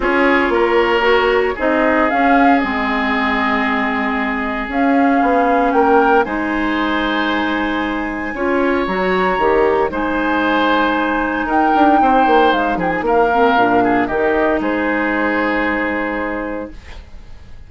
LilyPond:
<<
  \new Staff \with { instrumentName = "flute" } { \time 4/4 \tempo 4 = 115 cis''2. dis''4 | f''4 dis''2.~ | dis''4 f''2 g''4 | gis''1~ |
gis''4 ais''2 gis''4~ | gis''2 g''2 | f''8 g''16 gis''16 f''2 dis''4 | c''1 | }
  \new Staff \with { instrumentName = "oboe" } { \time 4/4 gis'4 ais'2 gis'4~ | gis'1~ | gis'2. ais'4 | c''1 |
cis''2. c''4~ | c''2 ais'4 c''4~ | c''8 gis'8 ais'4. gis'8 g'4 | gis'1 | }
  \new Staff \with { instrumentName = "clarinet" } { \time 4/4 f'2 fis'4 dis'4 | cis'4 c'2.~ | c'4 cis'2. | dis'1 |
f'4 fis'4 g'4 dis'4~ | dis'1~ | dis'4. c'8 d'4 dis'4~ | dis'1 | }
  \new Staff \with { instrumentName = "bassoon" } { \time 4/4 cis'4 ais2 c'4 | cis'4 gis2.~ | gis4 cis'4 b4 ais4 | gis1 |
cis'4 fis4 dis4 gis4~ | gis2 dis'8 d'8 c'8 ais8 | gis8 f8 ais4 ais,4 dis4 | gis1 | }
>>